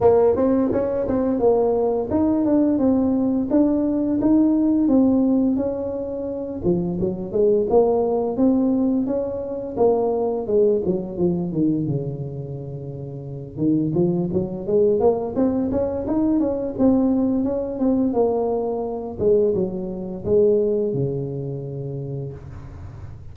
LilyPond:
\new Staff \with { instrumentName = "tuba" } { \time 4/4 \tempo 4 = 86 ais8 c'8 cis'8 c'8 ais4 dis'8 d'8 | c'4 d'4 dis'4 c'4 | cis'4. f8 fis8 gis8 ais4 | c'4 cis'4 ais4 gis8 fis8 |
f8 dis8 cis2~ cis8 dis8 | f8 fis8 gis8 ais8 c'8 cis'8 dis'8 cis'8 | c'4 cis'8 c'8 ais4. gis8 | fis4 gis4 cis2 | }